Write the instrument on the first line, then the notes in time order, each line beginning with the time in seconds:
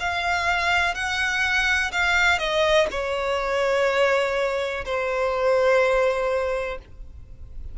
violin
0.00 F5
0.95 F#5
1.92 F5
2.38 D#5
2.91 C#5
4.85 C5